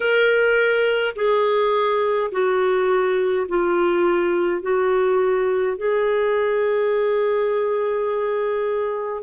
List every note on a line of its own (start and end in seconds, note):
0.00 1.14 A#4
1.15 2.31 G#4
2.31 3.46 F#4
3.48 4.62 F4
4.62 5.77 F#4
5.77 9.23 G#4